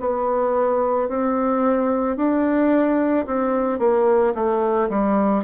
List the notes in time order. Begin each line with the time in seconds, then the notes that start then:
0.00 B3
1.09 C4
2.17 D4
3.27 C4
3.79 A#3
4.35 A3
4.90 G3